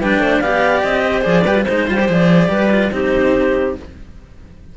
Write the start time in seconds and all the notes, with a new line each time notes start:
0.00 G3 D4 B4 G5
0.19 A3 C5
0.40 B3 G4 D5 F5
0.82 C4 D#5
1.05 C5
1.22 F3 G#4 D5
1.44 G3 G4 B4
1.55 F4
1.64 G#3 D#4 C5
1.88 G3 F4
1.99 G4
2.09 F3 G#4 D5
2.49 G3 G4 B4
2.71 F4
2.92 C4 D#4 G4 C5